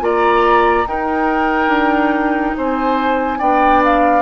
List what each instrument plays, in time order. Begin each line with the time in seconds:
0.00 bassoon A#3, clarinet F4, oboe D5, flute A#5
0.85 bassoon D#4, clarinet D#4, oboe A#4, flute G5
1.67 bassoon D4
2.57 bassoon C4, oboe C5, flute G#5
3.38 bassoon B3, clarinet D4, oboe D5, flute G5
3.84 flute F5